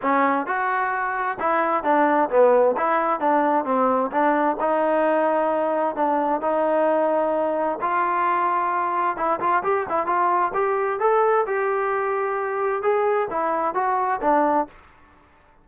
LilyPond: \new Staff \with { instrumentName = "trombone" } { \time 4/4 \tempo 4 = 131 cis'4 fis'2 e'4 | d'4 b4 e'4 d'4 | c'4 d'4 dis'2~ | dis'4 d'4 dis'2~ |
dis'4 f'2. | e'8 f'8 g'8 e'8 f'4 g'4 | a'4 g'2. | gis'4 e'4 fis'4 d'4 | }